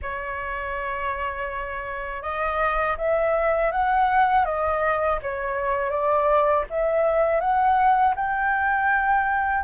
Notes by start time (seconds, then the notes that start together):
0.02 C#5
2.22 D#5
2.97 E5
3.71 F#5
4.45 D#5
5.22 C#5
5.90 D5
6.69 E5
7.40 F#5
8.15 G5